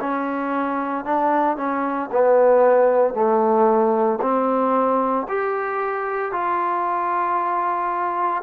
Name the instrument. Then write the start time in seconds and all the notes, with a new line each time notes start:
trombone
0.00 C#4
1.05 D4
1.57 C#4
2.12 B3
3.14 A3
4.22 C4
5.28 G4
6.32 F4